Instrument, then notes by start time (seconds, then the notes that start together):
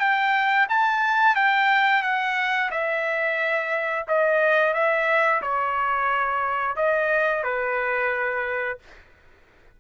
trumpet
0.00 G5
0.69 A5
1.35 G5
2.03 F#5
2.71 E5
4.08 D#5
4.74 E5
5.42 C#5
6.77 D#5
7.44 B4